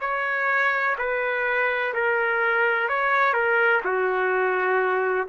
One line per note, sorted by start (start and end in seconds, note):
0.00 0.95 C#5
0.98 1.93 B4
1.94 2.88 A#4
2.88 3.33 C#5
3.33 3.81 A#4
3.84 5.27 F#4